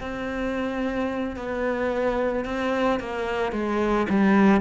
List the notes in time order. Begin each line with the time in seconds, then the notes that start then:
0.00 C4
1.36 B3
2.45 C4
3.00 A#3
3.52 G#3
4.09 G3